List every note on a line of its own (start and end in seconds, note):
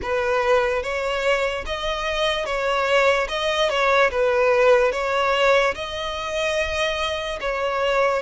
0.02 0.82 B4
0.82 1.64 C#5
1.66 2.45 D#5
2.45 3.27 C#5
3.28 3.69 D#5
3.69 4.10 C#5
4.11 4.92 B4
4.92 5.74 C#5
5.74 7.39 D#5
7.40 8.22 C#5